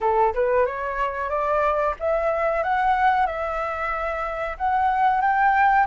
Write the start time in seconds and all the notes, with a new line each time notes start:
0.01 A4
0.33 B4
0.66 C#5
1.29 D5
1.99 E5
2.63 F#5
3.26 E5
4.57 F#5
5.21 G5